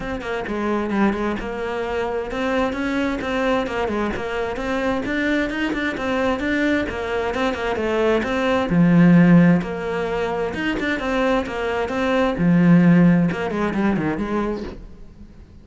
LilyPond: \new Staff \with { instrumentName = "cello" } { \time 4/4 \tempo 4 = 131 c'8 ais8 gis4 g8 gis8 ais4~ | ais4 c'4 cis'4 c'4 | ais8 gis8 ais4 c'4 d'4 | dis'8 d'8 c'4 d'4 ais4 |
c'8 ais8 a4 c'4 f4~ | f4 ais2 dis'8 d'8 | c'4 ais4 c'4 f4~ | f4 ais8 gis8 g8 dis8 gis4 | }